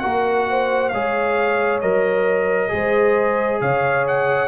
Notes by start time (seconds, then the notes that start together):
0.00 A#3 F#4 A#4 F#5
0.50 C5
0.89 G#3 G#4 C#5 F5
1.81 F#3 A#4 D#5
2.69 G#3 G#4 C5
3.61 C#3 C#5 F5
4.08 F#5